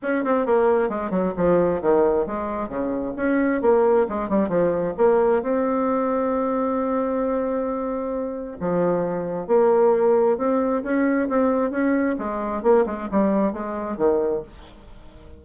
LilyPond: \new Staff \with { instrumentName = "bassoon" } { \time 4/4 \tempo 4 = 133 cis'8 c'8 ais4 gis8 fis8 f4 | dis4 gis4 cis4 cis'4 | ais4 gis8 g8 f4 ais4 | c'1~ |
c'2. f4~ | f4 ais2 c'4 | cis'4 c'4 cis'4 gis4 | ais8 gis8 g4 gis4 dis4 | }